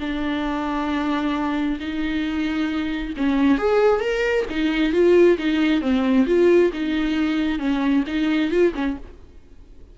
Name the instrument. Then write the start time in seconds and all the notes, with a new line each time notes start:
viola
0.00 D4
1.80 D#4
3.17 C#4
3.58 G#4
4.01 A#4
4.50 D#4
4.93 F4
5.38 D#4
5.81 C4
6.27 F4
6.73 D#4
7.59 C#4
8.07 D#4
8.51 F4
8.75 C#4